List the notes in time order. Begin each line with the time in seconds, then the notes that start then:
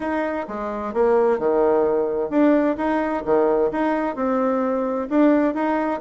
0.00 D#4
0.47 G#3
0.93 A#3
1.38 D#3
2.30 D4
2.77 D#4
3.25 D#3
3.71 D#4
4.15 C4
5.09 D4
5.54 D#4